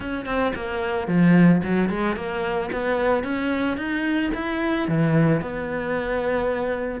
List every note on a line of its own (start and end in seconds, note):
0.00 0.25 C#4
0.25 0.52 C4
0.55 1.07 A#3
1.07 1.61 F3
1.63 1.89 F#3
1.89 2.15 G#3
2.15 2.70 A#3
2.72 3.23 B3
3.23 3.77 C#4
3.77 4.31 D#4
4.33 4.87 E4
4.88 5.41 E3
5.41 7.00 B3